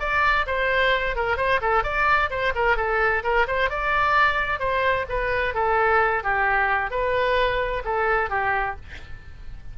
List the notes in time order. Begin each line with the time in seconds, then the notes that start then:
0.00 D5
0.47 C5
1.16 A#4
1.37 C5
1.62 A4
1.84 D5
2.31 C5
2.56 A#4
2.77 A4
3.24 A#4
3.48 C5
3.70 D5
4.60 C5
5.09 B4
5.55 A4
6.24 G4
6.91 B4
7.85 A4
8.30 G4